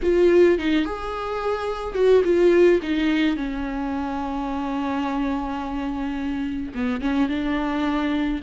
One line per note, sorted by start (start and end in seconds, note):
0.02 0.58 F4
0.58 0.85 D#4
0.85 1.94 G#4
1.94 2.22 F#4
2.24 2.80 F4
2.82 3.36 D#4
3.36 6.73 C#4
6.74 7.01 B3
7.01 7.28 C#4
7.28 8.41 D4